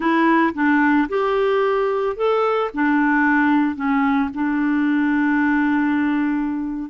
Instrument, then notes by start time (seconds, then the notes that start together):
clarinet
0.00 E4
0.54 D4
1.09 G4
2.16 A4
2.73 D4
3.75 C#4
4.33 D4